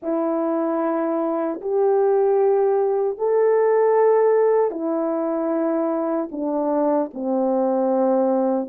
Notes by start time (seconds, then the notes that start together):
0.02 E4
1.61 G4
3.18 A4
4.70 E4
6.31 D4
7.13 C4